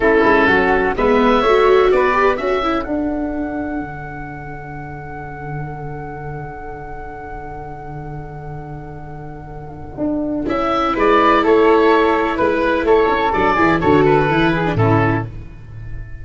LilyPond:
<<
  \new Staff \with { instrumentName = "oboe" } { \time 4/4 \tempo 4 = 126 a'2 e''2 | d''4 e''4 fis''2~ | fis''1~ | fis''1~ |
fis''1~ | fis''2 e''4 d''4 | cis''2 b'4 cis''4 | d''4 cis''8 b'4. a'4 | }
  \new Staff \with { instrumentName = "flute" } { \time 4/4 e'4 fis'4 b'4 cis''4 | b'4 a'2.~ | a'1~ | a'1~ |
a'1~ | a'2. b'4 | a'2 b'4 a'4~ | a'8 gis'8 a'4. gis'8 e'4 | }
  \new Staff \with { instrumentName = "viola" } { \time 4/4 cis'2 b4 fis'4~ | fis'8 g'8 fis'8 e'8 d'2~ | d'1~ | d'1~ |
d'1~ | d'2 e'2~ | e'1 | d'8 e'8 fis'4 e'8. d'16 cis'4 | }
  \new Staff \with { instrumentName = "tuba" } { \time 4/4 a8 gis8 fis4 gis4 a4 | b4 cis'4 d'2 | d1~ | d1~ |
d1~ | d4 d'4 cis'4 gis4 | a2 gis4 a8 cis'8 | fis8 e8 d4 e4 a,4 | }
>>